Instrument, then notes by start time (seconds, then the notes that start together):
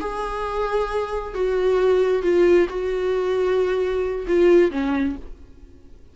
viola
0.00 G#4
1.34 F#4
2.22 F4
2.69 F#4
4.27 F4
4.71 C#4